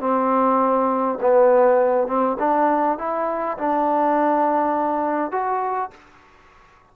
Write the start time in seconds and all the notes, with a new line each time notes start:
0.00 C4
1.21 B3
2.07 C4
2.39 D4
2.98 E4
3.58 D4
5.31 F#4